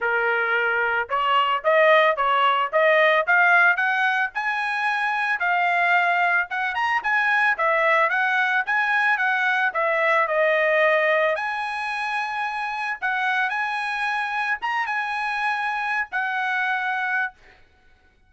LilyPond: \new Staff \with { instrumentName = "trumpet" } { \time 4/4 \tempo 4 = 111 ais'2 cis''4 dis''4 | cis''4 dis''4 f''4 fis''4 | gis''2 f''2 | fis''8 ais''8 gis''4 e''4 fis''4 |
gis''4 fis''4 e''4 dis''4~ | dis''4 gis''2. | fis''4 gis''2 ais''8 gis''8~ | gis''4.~ gis''16 fis''2~ fis''16 | }